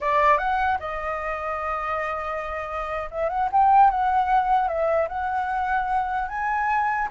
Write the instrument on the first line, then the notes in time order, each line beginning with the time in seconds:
flute
0.00 D5
0.38 F#5
0.79 D#5
3.11 E5
3.29 F#5
3.52 G5
3.90 F#5
4.67 E5
5.08 F#5
6.28 G#5